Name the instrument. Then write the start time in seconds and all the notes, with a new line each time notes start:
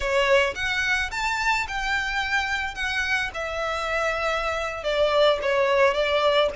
violin
0.00 C#5
0.55 F#5
1.11 A5
1.68 G5
2.74 F#5
3.34 E5
4.83 D5
5.42 C#5
5.94 D5